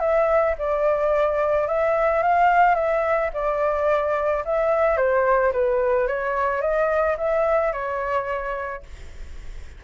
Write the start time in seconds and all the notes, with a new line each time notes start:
0.00 E5
0.58 D5
1.67 E5
2.23 F5
2.75 E5
3.34 D5
4.45 E5
4.97 C5
5.53 B4
6.08 C#5
6.62 D#5
7.18 E5
7.73 C#5